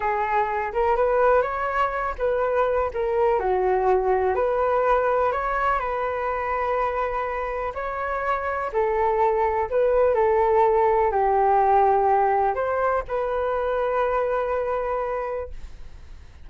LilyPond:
\new Staff \with { instrumentName = "flute" } { \time 4/4 \tempo 4 = 124 gis'4. ais'8 b'4 cis''4~ | cis''8 b'4. ais'4 fis'4~ | fis'4 b'2 cis''4 | b'1 |
cis''2 a'2 | b'4 a'2 g'4~ | g'2 c''4 b'4~ | b'1 | }